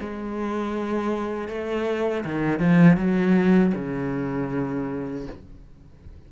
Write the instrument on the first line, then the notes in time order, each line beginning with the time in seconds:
cello
0.00 G#3
1.48 A3
2.25 D#3
2.60 F3
2.97 F#3
3.75 C#3